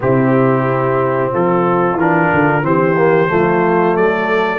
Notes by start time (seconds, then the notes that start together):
0.00 C3 C4 E4 G4
1.32 F3 F4 A4
1.94 E3 A#4
2.00 D4
2.33 D3
2.62 E3 C4 G4 C5
2.97 A#3
3.27 F3 A3 F4
3.96 F#3 A4 D5